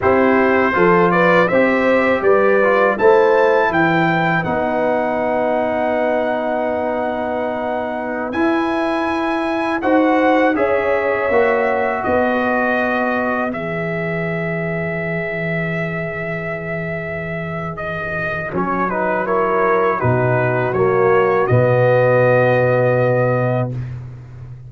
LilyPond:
<<
  \new Staff \with { instrumentName = "trumpet" } { \time 4/4 \tempo 4 = 81 c''4. d''8 e''4 d''4 | a''4 g''4 fis''2~ | fis''2.~ fis''16 gis''8.~ | gis''4~ gis''16 fis''4 e''4.~ e''16~ |
e''16 dis''2 e''4.~ e''16~ | e''1 | dis''4 cis''8 b'8 cis''4 b'4 | cis''4 dis''2. | }
  \new Staff \with { instrumentName = "horn" } { \time 4/4 g'4 a'8 b'8 c''4 b'4 | c''4 b'2.~ | b'1~ | b'4~ b'16 c''4 cis''4.~ cis''16~ |
cis''16 b'2.~ b'8.~ | b'1~ | b'2 ais'4 fis'4~ | fis'1 | }
  \new Staff \with { instrumentName = "trombone" } { \time 4/4 e'4 f'4 g'4. f'8 | e'2 dis'2~ | dis'2.~ dis'16 e'8.~ | e'4~ e'16 fis'4 gis'4 fis'8.~ |
fis'2~ fis'16 gis'4.~ gis'16~ | gis'1~ | gis'4 cis'8 dis'8 e'4 dis'4 | ais4 b2. | }
  \new Staff \with { instrumentName = "tuba" } { \time 4/4 c'4 f4 c'4 g4 | a4 e4 b2~ | b2.~ b16 e'8.~ | e'4~ e'16 dis'4 cis'4 ais8.~ |
ais16 b2 e4.~ e16~ | e1~ | e4 fis2 b,4 | fis4 b,2. | }
>>